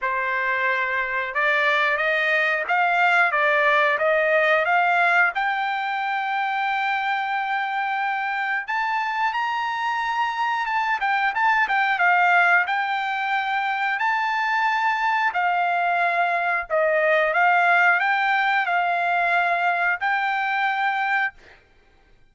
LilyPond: \new Staff \with { instrumentName = "trumpet" } { \time 4/4 \tempo 4 = 90 c''2 d''4 dis''4 | f''4 d''4 dis''4 f''4 | g''1~ | g''4 a''4 ais''2 |
a''8 g''8 a''8 g''8 f''4 g''4~ | g''4 a''2 f''4~ | f''4 dis''4 f''4 g''4 | f''2 g''2 | }